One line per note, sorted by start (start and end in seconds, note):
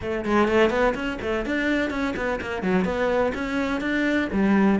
0.01 0.25 A3
0.25 0.48 G#3
0.48 0.70 A3
0.70 0.94 B3
0.94 1.18 C#4
1.21 1.45 A3
1.45 1.90 D4
1.90 2.14 C#4
2.16 2.40 B3
2.41 2.62 A#3
2.62 2.84 F#3
2.84 3.32 B3
3.34 3.81 C#4
3.81 4.28 D4
4.32 4.79 G3